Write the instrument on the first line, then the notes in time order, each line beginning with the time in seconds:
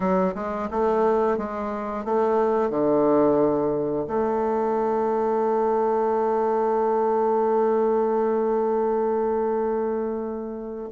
bassoon
0.00 F#3
0.34 G#3
0.70 A3
1.37 G#3
2.04 A3
2.69 D3
4.07 A3